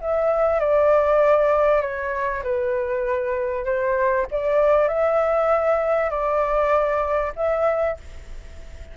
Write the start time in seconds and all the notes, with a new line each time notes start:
0.00 E5
0.59 D5
1.81 C#5
2.43 B4
3.65 C5
4.31 D5
4.88 E5
6.10 D5
7.35 E5